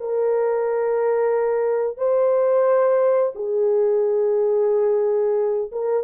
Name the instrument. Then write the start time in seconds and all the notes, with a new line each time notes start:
horn
0.00 A#4
1.97 C5
3.35 G#4
5.72 A#4